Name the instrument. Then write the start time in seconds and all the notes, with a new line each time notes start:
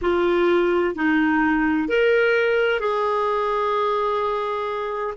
clarinet
0.01 F4
0.95 D#4
1.88 A#4
2.80 G#4